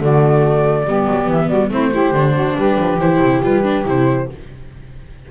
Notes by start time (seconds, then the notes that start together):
0.00 D3 A3 F#4 D5
0.85 G3 B3 G4
1.08 F#3
1.28 E3 E5
1.47 G3 F#4 D5
1.70 A3 C4 E4 C5
1.92 E4 G4
2.12 D3 D4
2.33 F#4
2.57 G3 G4 B4
2.79 F3
2.98 E3 E4 C5
3.20 C3
3.43 G3 F4 B4
3.63 D4
3.85 C3 E4 C5